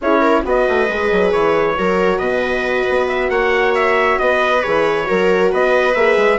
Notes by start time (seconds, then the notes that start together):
0.01 C#4 E4 G#4 C#5
0.20 A#4
0.44 B3 F#4 B4 D#5
0.68 A3
0.88 G#3 G#4
1.11 F#3
1.31 E3 C#5
1.76 F#3 F#4 A#4
2.18 B2 B4 D#5
2.89 B3
3.08 E5
3.29 A#3 C#5 F#5
3.74 E5
4.18 B3 B4 D#5
4.62 E3 G#4 C#5
5.04 F#3 F#4 A#4
5.51 B3 B4 D#5
5.94 A#3 G#4 E5
6.16 G#3